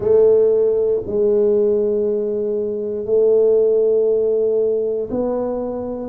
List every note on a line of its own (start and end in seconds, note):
0.00 1.02 A3
1.06 3.05 G#3
3.05 5.08 A3
5.10 6.09 B3